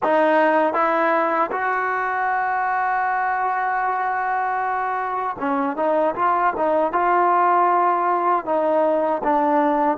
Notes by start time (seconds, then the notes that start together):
0.03 D#4
0.73 E4
1.51 F#4
5.39 C#4
5.76 D#4
6.15 F4
6.56 D#4
6.92 F4
8.45 D#4
9.23 D4